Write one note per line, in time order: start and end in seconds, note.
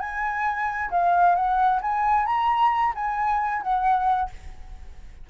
0.00 0.90 G#5
0.90 1.35 F5
1.35 1.80 F#5
1.82 2.26 G#5
2.26 2.94 A#5
2.95 3.62 G#5
3.62 4.30 F#5